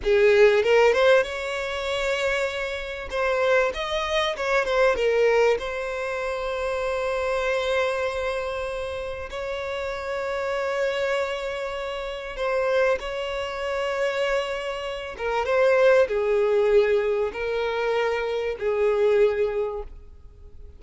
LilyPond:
\new Staff \with { instrumentName = "violin" } { \time 4/4 \tempo 4 = 97 gis'4 ais'8 c''8 cis''2~ | cis''4 c''4 dis''4 cis''8 c''8 | ais'4 c''2.~ | c''2. cis''4~ |
cis''1 | c''4 cis''2.~ | cis''8 ais'8 c''4 gis'2 | ais'2 gis'2 | }